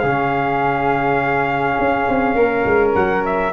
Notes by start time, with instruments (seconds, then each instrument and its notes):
0.00 tuba C#3, trombone C#4, flute G#4, trumpet F5
1.79 tuba C#4
2.09 tuba C4
2.35 tuba A#3, flute A#4
2.65 tuba G#3
2.95 tuba F#3, trumpet F#5
3.26 trumpet E5